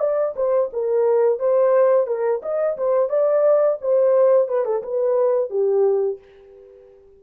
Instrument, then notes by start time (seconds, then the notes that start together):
horn
0.00 D5
0.36 C5
0.73 A#4
1.39 C5
2.07 A#4
2.43 D#5
2.78 C5
3.10 D5
3.82 C5
4.48 B4
4.66 A4
4.83 B4
5.50 G4